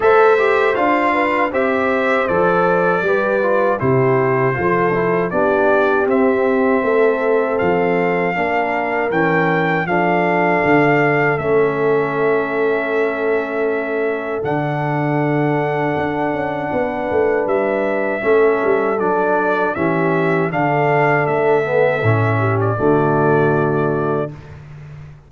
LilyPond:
<<
  \new Staff \with { instrumentName = "trumpet" } { \time 4/4 \tempo 4 = 79 e''4 f''4 e''4 d''4~ | d''4 c''2 d''4 | e''2 f''2 | g''4 f''2 e''4~ |
e''2. fis''4~ | fis''2. e''4~ | e''4 d''4 e''4 f''4 | e''4.~ e''16 d''2~ d''16 | }
  \new Staff \with { instrumentName = "horn" } { \time 4/4 c''4. b'8 c''2 | b'4 g'4 a'4 g'4~ | g'4 a'2 ais'4~ | ais'4 a'2.~ |
a'1~ | a'2 b'2 | a'2 g'4 a'4~ | a'4. g'8 fis'2 | }
  \new Staff \with { instrumentName = "trombone" } { \time 4/4 a'8 g'8 f'4 g'4 a'4 | g'8 f'8 e'4 f'8 e'8 d'4 | c'2. d'4 | cis'4 d'2 cis'4~ |
cis'2. d'4~ | d'1 | cis'4 d'4 cis'4 d'4~ | d'8 b8 cis'4 a2 | }
  \new Staff \with { instrumentName = "tuba" } { \time 4/4 a4 d'4 c'4 f4 | g4 c4 f4 b4 | c'4 a4 f4 ais4 | e4 f4 d4 a4~ |
a2. d4~ | d4 d'8 cis'8 b8 a8 g4 | a8 g8 fis4 e4 d4 | a4 a,4 d2 | }
>>